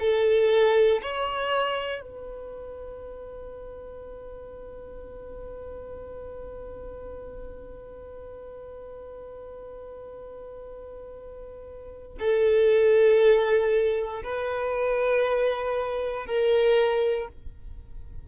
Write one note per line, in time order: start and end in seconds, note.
0.00 1.02 A4
1.02 2.02 C#5
2.02 12.18 B4
12.19 14.23 A4
14.24 16.27 B4
16.27 17.28 A#4